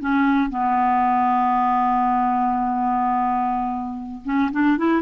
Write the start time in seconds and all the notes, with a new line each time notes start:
0.00 C#4
0.50 B3
4.25 C#4
4.52 D4
4.78 E4